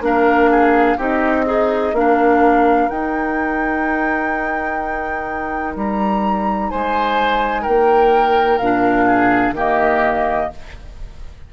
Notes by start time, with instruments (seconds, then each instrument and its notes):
0.00 bassoon A#3, clarinet D4, oboe A#4, flute F5
0.50 oboe G#4
0.97 bassoon C4, clarinet D#4, oboe G4, flute D#5
1.46 oboe D#4, clarinet G#4
1.92 bassoon A#3, clarinet D4, oboe A#4, flute F5
2.88 clarinet D#4, bassoon D#4, flute G5
5.75 bassoon G3, flute A#5
6.69 bassoon G#3, oboe C5, flute G#5
7.62 bassoon A#3, oboe A#4, flute G5
8.58 bassoon A#2, clarinet D4, flute F5
9.06 oboe G#4
9.51 bassoon D#3, clarinet A#3, oboe G4
9.58 flute D#5